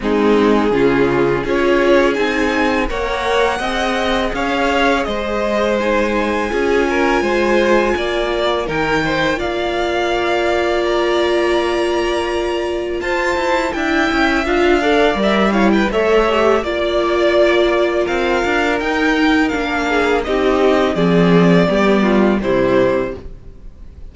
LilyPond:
<<
  \new Staff \with { instrumentName = "violin" } { \time 4/4 \tempo 4 = 83 gis'2 cis''4 gis''4 | fis''2 f''4 dis''4 | gis''1 | g''4 f''2 ais''4~ |
ais''2 a''4 g''4 | f''4 e''8 f''16 g''16 e''4 d''4~ | d''4 f''4 g''4 f''4 | dis''4 d''2 c''4 | }
  \new Staff \with { instrumentName = "violin" } { \time 4/4 dis'4 f'4 gis'2 | cis''4 dis''4 cis''4 c''4~ | c''4 gis'8 ais'8 c''4 d''4 | ais'8 c''8 d''2.~ |
d''2 c''4 e''4~ | e''8 d''4 cis''16 b'16 cis''4 d''4~ | d''4 ais'2~ ais'8 gis'8 | g'4 gis'4 g'8 f'8 e'4 | }
  \new Staff \with { instrumentName = "viola" } { \time 4/4 c'4 cis'4 f'4 dis'4 | ais'4 gis'2. | dis'4 f'2. | dis'4 f'2.~ |
f'2. e'4 | f'8 a'8 ais'8 e'8 a'8 g'8 f'4~ | f'2 dis'4 d'4 | dis'4 c'4 b4 g4 | }
  \new Staff \with { instrumentName = "cello" } { \time 4/4 gis4 cis4 cis'4 c'4 | ais4 c'4 cis'4 gis4~ | gis4 cis'4 gis4 ais4 | dis4 ais2.~ |
ais2 f'8 e'8 d'8 cis'8 | d'4 g4 a4 ais4~ | ais4 c'8 d'8 dis'4 ais4 | c'4 f4 g4 c4 | }
>>